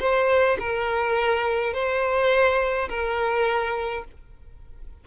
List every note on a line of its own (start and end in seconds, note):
0.00 0.58 C5
0.60 1.74 A#4
1.74 2.89 C5
2.89 4.05 A#4